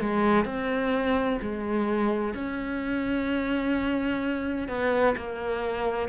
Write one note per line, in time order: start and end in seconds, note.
0.00 0.45 G#3
0.45 1.39 C4
1.41 2.34 G#3
2.34 4.68 C#4
4.68 5.15 B3
5.16 6.09 A#3